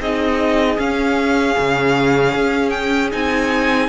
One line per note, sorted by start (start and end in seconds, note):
0.00 0.78 C4
0.00 0.78 D#4
0.00 3.89 G#4
0.00 0.79 D#5
0.78 3.12 C#4
0.78 1.57 C#4
0.78 2.70 F5
1.58 2.35 C#3
2.35 3.13 C#4
2.70 3.09 G5
3.12 3.89 C4
3.12 3.89 D#4
3.12 3.89 G#5